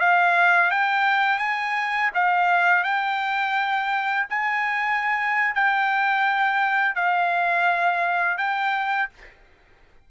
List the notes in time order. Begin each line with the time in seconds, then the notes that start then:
0.00 F5
0.71 G5
1.39 G#5
2.15 F5
2.84 G5
4.30 G#5
5.55 G5
6.96 F5
8.38 G5